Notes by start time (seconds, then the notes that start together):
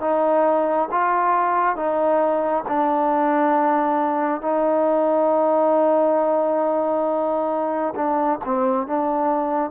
0.00 D#4
0.91 F4
1.76 D#4
2.68 D4
4.40 D#4
7.95 D4
8.44 C4
8.86 D4